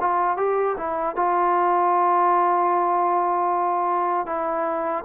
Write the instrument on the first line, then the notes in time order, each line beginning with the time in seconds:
trombone
0.00 F4
0.37 G4
0.77 E4
1.15 F4
4.26 E4